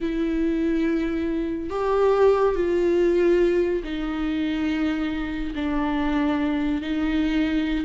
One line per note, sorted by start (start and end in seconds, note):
0.00 1.70 E4
1.70 2.55 G4
2.55 3.82 F4
3.83 5.53 D#4
5.55 6.81 D4
6.81 7.85 D#4